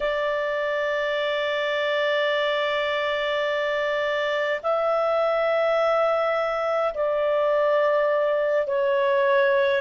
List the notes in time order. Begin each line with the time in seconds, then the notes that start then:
0.00 D5
4.62 E5
6.93 D5
8.66 C#5